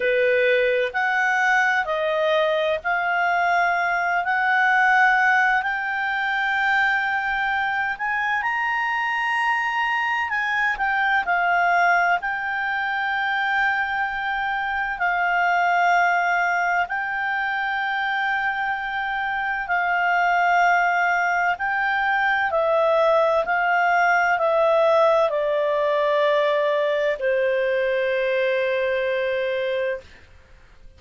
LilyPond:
\new Staff \with { instrumentName = "clarinet" } { \time 4/4 \tempo 4 = 64 b'4 fis''4 dis''4 f''4~ | f''8 fis''4. g''2~ | g''8 gis''8 ais''2 gis''8 g''8 | f''4 g''2. |
f''2 g''2~ | g''4 f''2 g''4 | e''4 f''4 e''4 d''4~ | d''4 c''2. | }